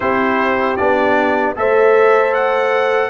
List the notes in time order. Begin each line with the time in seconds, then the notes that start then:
0.00 C4 E4 G4 C5
0.76 B3 D4 D5
1.55 A3 A4 C5 E5
2.34 F#5